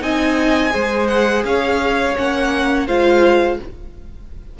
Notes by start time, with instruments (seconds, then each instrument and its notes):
0.00 cello C4, viola D#4, violin D#5 G#5
0.70 cello G#3, viola G#4, violin C5
1.07 violin F#5
1.44 cello C#4, violin C#5 F5
2.17 cello A#3, viola C#4, violin F#5
2.86 cello G#3, viola F4, violin C5 F5